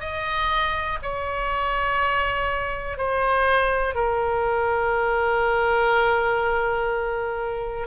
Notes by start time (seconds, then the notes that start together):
0.00 D#5
1.02 C#5
2.98 C5
3.95 A#4